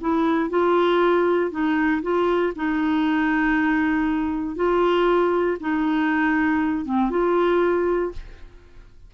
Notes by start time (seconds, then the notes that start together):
0.00 E4
0.49 F4
1.50 D#4
2.02 F4
2.55 D#4
4.55 F4
5.60 D#4
6.85 C4
7.10 F4